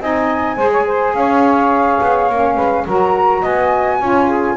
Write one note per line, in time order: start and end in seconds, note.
0.00 0.57 C4
0.00 0.58 D#4
0.00 0.56 D#5
0.00 1.14 G#5
0.56 1.14 G#3
0.56 2.30 G#4
0.56 0.71 C5
0.71 0.85 C#5
0.86 1.14 C5
1.14 1.99 C#4
1.14 2.55 C#5
1.14 2.85 F5
2.01 2.29 B3
2.29 2.56 A#3
2.29 2.87 C#4
2.55 2.85 G#3
2.55 2.83 B4
2.86 3.43 F#3
2.86 4.00 F#4
2.86 3.41 A#4
2.86 3.45 A#5
3.41 4.00 B3
3.41 3.98 D#5
3.41 4.56 G#5
3.99 4.56 C#4
3.99 4.56 F4
3.99 4.25 C#5
4.25 4.54 G#4